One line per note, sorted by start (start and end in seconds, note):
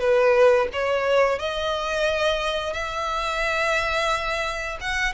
0.00 0.68 B4
0.73 1.39 C#5
1.39 2.74 D#5
2.74 4.78 E5
4.81 5.14 F#5